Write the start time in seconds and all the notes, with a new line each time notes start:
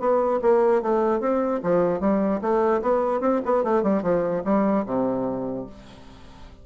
0.00 B3
0.42 A#3
0.82 A3
1.20 C4
1.63 F3
2.00 G3
2.41 A3
2.82 B3
3.21 C4
3.46 B3
3.64 A3
3.83 G3
4.03 F3
4.45 G3
4.86 C3